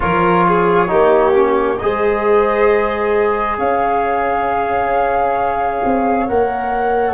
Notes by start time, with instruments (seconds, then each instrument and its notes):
0.00 tuba F3, trombone F4, violin A#4, flute C#5
0.47 violin G#4
0.87 tuba A#3, trombone D#4, violin G4
1.32 trombone C#4
1.77 tuba G#3, trombone G#4, flute D#5
1.83 violin C5
3.57 tuba C#4, violin C#5, flute F5
5.84 tuba C4
6.27 tuba A#3, trombone A#4, flute F#5